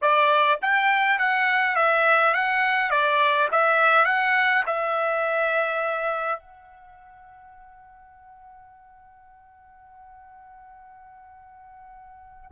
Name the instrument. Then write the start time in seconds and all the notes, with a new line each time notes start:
trumpet
0.01 D5
0.61 G5
1.18 F#5
1.75 E5
2.34 F#5
2.90 D5
3.51 E5
4.05 F#5
4.66 E5
6.39 F#5